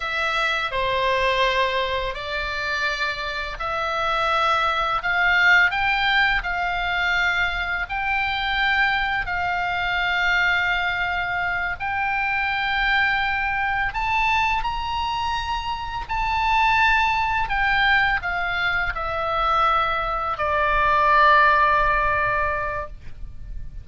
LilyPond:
\new Staff \with { instrumentName = "oboe" } { \time 4/4 \tempo 4 = 84 e''4 c''2 d''4~ | d''4 e''2 f''4 | g''4 f''2 g''4~ | g''4 f''2.~ |
f''8 g''2. a''8~ | a''8 ais''2 a''4.~ | a''8 g''4 f''4 e''4.~ | e''8 d''2.~ d''8 | }